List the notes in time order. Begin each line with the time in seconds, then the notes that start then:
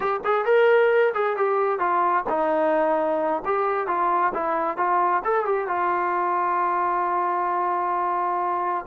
0.00 G4
0.24 G#4
0.45 A#4
1.14 G#4
1.37 G4
1.79 F4
2.29 D#4
3.45 G4
3.87 F4
4.33 E4
4.77 F4
5.24 A4
5.45 G4
5.67 F4